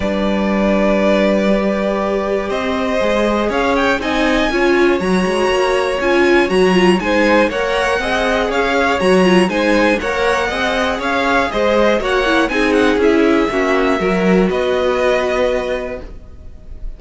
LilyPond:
<<
  \new Staff \with { instrumentName = "violin" } { \time 4/4 \tempo 4 = 120 d''1~ | d''4 dis''2 f''8 g''8 | gis''2 ais''2 | gis''4 ais''4 gis''4 fis''4~ |
fis''4 f''4 ais''4 gis''4 | fis''2 f''4 dis''4 | fis''4 gis''8 fis''8 e''2~ | e''4 dis''2. | }
  \new Staff \with { instrumentName = "violin" } { \time 4/4 b'1~ | b'4 c''2 cis''4 | dis''4 cis''2.~ | cis''2 c''4 cis''4 |
dis''4 cis''2 c''4 | cis''4 dis''4 cis''4 c''4 | cis''4 gis'2 fis'4 | ais'4 b'2. | }
  \new Staff \with { instrumentName = "viola" } { \time 4/4 d'2. g'4~ | g'2 gis'2 | dis'4 f'4 fis'2 | f'4 fis'8 f'8 dis'4 ais'4 |
gis'2 fis'8 f'8 dis'4 | ais'4 gis'2. | fis'8 e'8 dis'4 e'4 cis'4 | fis'1 | }
  \new Staff \with { instrumentName = "cello" } { \time 4/4 g1~ | g4 c'4 gis4 cis'4 | c'4 cis'4 fis8 gis8 ais4 | cis'4 fis4 gis4 ais4 |
c'4 cis'4 fis4 gis4 | ais4 c'4 cis'4 gis4 | ais4 c'4 cis'4 ais4 | fis4 b2. | }
>>